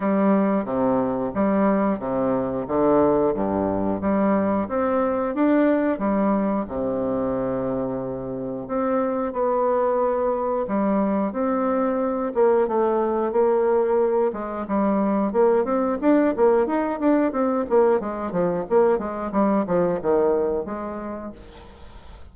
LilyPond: \new Staff \with { instrumentName = "bassoon" } { \time 4/4 \tempo 4 = 90 g4 c4 g4 c4 | d4 g,4 g4 c'4 | d'4 g4 c2~ | c4 c'4 b2 |
g4 c'4. ais8 a4 | ais4. gis8 g4 ais8 c'8 | d'8 ais8 dis'8 d'8 c'8 ais8 gis8 f8 | ais8 gis8 g8 f8 dis4 gis4 | }